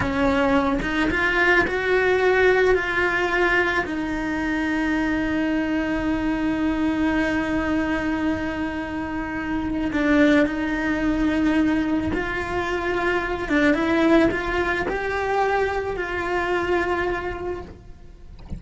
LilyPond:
\new Staff \with { instrumentName = "cello" } { \time 4/4 \tempo 4 = 109 cis'4. dis'8 f'4 fis'4~ | fis'4 f'2 dis'4~ | dis'1~ | dis'1~ |
dis'2 d'4 dis'4~ | dis'2 f'2~ | f'8 d'8 e'4 f'4 g'4~ | g'4 f'2. | }